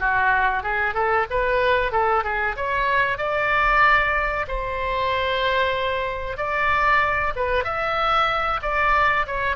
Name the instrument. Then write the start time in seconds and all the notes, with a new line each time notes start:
oboe
0.00 F#4
0.63 G#4
0.94 A4
1.30 B4
1.92 A4
2.24 G#4
2.56 C#5
3.18 D5
4.48 C5
6.37 D5
7.36 B4
7.65 E5
8.63 D5
9.27 C#5